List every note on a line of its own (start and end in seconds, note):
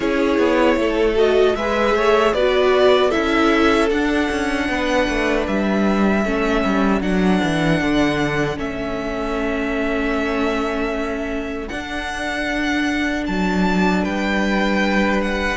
0.00 0.38 C#4
0.00 1.15 E4
0.00 0.77 G#4
0.00 1.16 C#5
0.38 0.76 B3
0.76 1.54 A3
0.76 1.56 A4
1.15 1.54 F#4
1.15 1.55 D#5
1.55 1.94 G#3
1.55 2.36 G#4
1.55 1.96 B4
1.55 2.33 E5
1.94 2.33 A3
1.94 2.34 C#5
2.33 3.11 B3
2.33 3.11 F#4
2.33 3.08 B4
2.33 3.11 D5
3.08 3.89 E4
3.08 4.64 A4
3.08 3.88 E5
3.16 3.90 C#4
3.90 4.29 D4
3.90 6.24 D4
3.90 5.46 F#5
4.31 4.69 C#4
4.69 5.07 B3
4.69 6.23 B4
5.08 5.47 A3
5.46 6.25 G3
5.46 7.02 E5
6.23 6.64 A3
6.23 7.01 C#4
6.23 14.02 A4
6.64 7.00 G3
7.00 7.39 F#3
7.00 8.56 D4
7.00 8.58 F#5
7.43 7.81 E3
7.81 8.57 D3
8.56 11.69 A3
8.56 11.68 C#4
8.56 11.68 E5
11.68 15.56 D4
11.68 13.27 D4
11.68 13.24 F#5
13.26 14.05 F#3
13.26 14.04 A5
14.03 15.56 G3
14.03 15.56 B4
14.03 15.21 G5
15.21 15.56 F#5